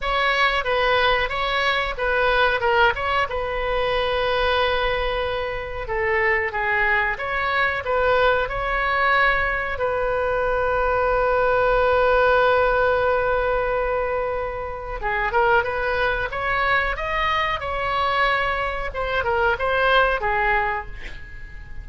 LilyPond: \new Staff \with { instrumentName = "oboe" } { \time 4/4 \tempo 4 = 92 cis''4 b'4 cis''4 b'4 | ais'8 cis''8 b'2.~ | b'4 a'4 gis'4 cis''4 | b'4 cis''2 b'4~ |
b'1~ | b'2. gis'8 ais'8 | b'4 cis''4 dis''4 cis''4~ | cis''4 c''8 ais'8 c''4 gis'4 | }